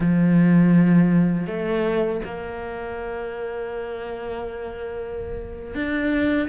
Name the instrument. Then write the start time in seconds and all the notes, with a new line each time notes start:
cello
0.00 F3
1.46 A3
2.24 A#3
5.74 D4